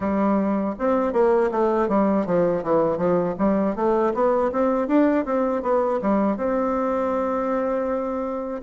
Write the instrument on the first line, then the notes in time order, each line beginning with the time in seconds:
bassoon
0.00 G3
0.78 C4
1.12 A#3
1.51 A3
1.88 G3
2.26 F3
2.62 E3
2.97 F3
3.38 G3
3.75 A3
4.14 B3
4.52 C4
4.88 D4
5.25 C4
5.62 B3
6.01 G3
6.36 C4